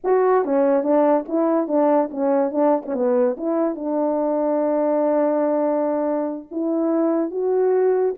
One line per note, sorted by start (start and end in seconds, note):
0.04 0.44 F#4
0.44 0.83 C#4
0.83 1.25 D4
1.28 1.67 E4
1.67 2.09 D4
2.11 2.51 C#4
2.51 2.82 D4
2.85 2.94 C#4
2.94 3.36 B3
3.37 3.75 E4
3.75 6.47 D4
6.51 7.30 E4
7.30 8.14 F#4